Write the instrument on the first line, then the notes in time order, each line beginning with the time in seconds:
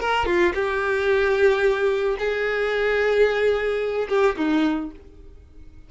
violin
0.00 A#4
0.26 F4
0.55 G4
2.19 G#4
4.09 G4
4.37 D#4